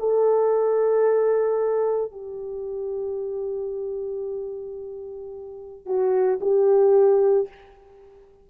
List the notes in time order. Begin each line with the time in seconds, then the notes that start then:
0.00 A4
2.12 G4
5.86 F#4
6.41 G4